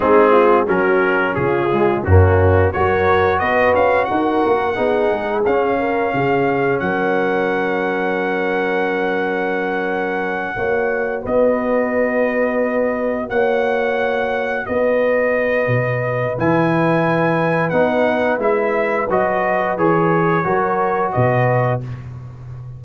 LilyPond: <<
  \new Staff \with { instrumentName = "trumpet" } { \time 4/4 \tempo 4 = 88 gis'4 ais'4 gis'4 fis'4 | cis''4 dis''8 f''8 fis''2 | f''2 fis''2~ | fis''1~ |
fis''8 dis''2. fis''8~ | fis''4. dis''2~ dis''8 | gis''2 fis''4 e''4 | dis''4 cis''2 dis''4 | }
  \new Staff \with { instrumentName = "horn" } { \time 4/4 dis'8 f'8 fis'4 f'4 cis'4 | ais'4 b'4 ais'4 gis'4~ | gis'8 ais'8 gis'4 ais'2~ | ais'2.~ ais'8 cis''8~ |
cis''8 b'2. cis''8~ | cis''4. b'2~ b'8~ | b'1~ | b'2 ais'4 b'4 | }
  \new Staff \with { instrumentName = "trombone" } { \time 4/4 c'4 cis'4. gis8 ais4 | fis'2. dis'4 | cis'1~ | cis'2.~ cis'8 fis'8~ |
fis'1~ | fis'1 | e'2 dis'4 e'4 | fis'4 gis'4 fis'2 | }
  \new Staff \with { instrumentName = "tuba" } { \time 4/4 gis4 fis4 cis4 fis,4 | fis4 b8 cis'8 dis'8 ais8 b8 gis8 | cis'4 cis4 fis2~ | fis2.~ fis8 ais8~ |
ais8 b2. ais8~ | ais4. b4. b,4 | e2 b4 gis4 | fis4 e4 fis4 b,4 | }
>>